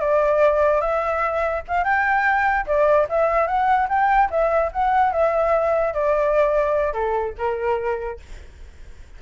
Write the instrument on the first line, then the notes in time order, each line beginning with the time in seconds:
flute
0.00 D5
0.81 E5
1.68 F5
1.84 G5
2.67 D5
3.09 E5
3.47 F#5
3.89 G5
4.30 E5
4.72 F#5
5.13 E5
5.94 D5
6.93 A4
7.38 A#4